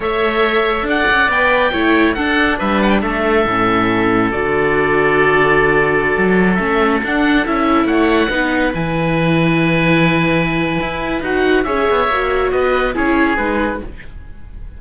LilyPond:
<<
  \new Staff \with { instrumentName = "oboe" } { \time 4/4 \tempo 4 = 139 e''2 fis''4 g''4~ | g''4 fis''4 e''8 fis''16 g''16 e''4~ | e''2 d''2~ | d''2.~ d''16 e''8.~ |
e''16 fis''4 e''4 fis''4.~ fis''16~ | fis''16 gis''2.~ gis''8.~ | gis''2 fis''4 e''4~ | e''4 dis''4 cis''4 b'4 | }
  \new Staff \with { instrumentName = "oboe" } { \time 4/4 cis''2 d''2 | cis''4 a'4 b'4 a'4~ | a'1~ | a'1~ |
a'2~ a'16 cis''4 b'8.~ | b'1~ | b'2. cis''4~ | cis''4 b'4 gis'2 | }
  \new Staff \with { instrumentName = "viola" } { \time 4/4 a'2. b'4 | e'4 d'2. | cis'2 fis'2~ | fis'2.~ fis'16 cis'8.~ |
cis'16 d'4 e'2 dis'8.~ | dis'16 e'2.~ e'8.~ | e'2 fis'4 gis'4 | fis'2 e'4 dis'4 | }
  \new Staff \with { instrumentName = "cello" } { \time 4/4 a2 d'8 cis'8 b4 | a4 d'4 g4 a4 | a,2 d2~ | d2~ d16 fis4 a8.~ |
a16 d'4 cis'4 a4 b8.~ | b16 e2.~ e8.~ | e4 e'4 dis'4 cis'8 b8 | ais4 b4 cis'4 gis4 | }
>>